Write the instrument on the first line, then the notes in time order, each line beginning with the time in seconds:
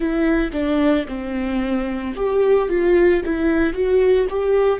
viola
0.00 E4
0.52 D4
1.07 C4
2.15 G4
2.68 F4
3.24 E4
3.73 F#4
4.29 G4